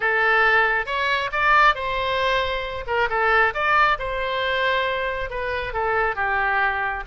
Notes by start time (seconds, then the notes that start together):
0.00 A4
0.86 C#5
1.32 D5
1.74 C5
2.86 A#4
3.09 A4
3.53 D5
3.98 C5
5.29 B4
5.73 A4
6.15 G4